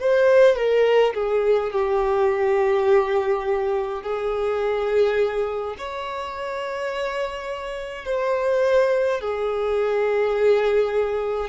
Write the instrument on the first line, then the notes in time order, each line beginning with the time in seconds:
violin
0.00 C5
0.56 A#4
1.14 G#4
1.72 G4
4.03 G#4
5.78 C#5
8.05 C5
9.21 G#4